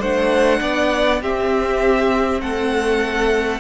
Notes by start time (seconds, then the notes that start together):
0.00 A3 D4 C5 F#5
0.61 B3 D5
1.21 C4 G4 E5
2.41 A3 A4 F#5